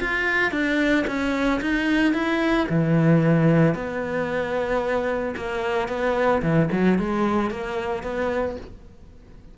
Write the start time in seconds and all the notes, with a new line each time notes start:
0.00 F4
0.51 D4
1.07 C#4
1.61 D#4
2.13 E4
2.69 E3
3.74 B3
5.36 A#3
5.88 B3
6.42 E3
6.72 F#3
6.99 G#3
7.50 A#3
8.03 B3